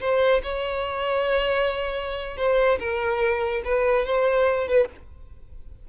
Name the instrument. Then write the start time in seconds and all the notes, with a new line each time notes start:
violin
0.00 C5
0.43 C#5
2.37 C5
2.79 A#4
3.65 B4
4.05 C5
4.68 B4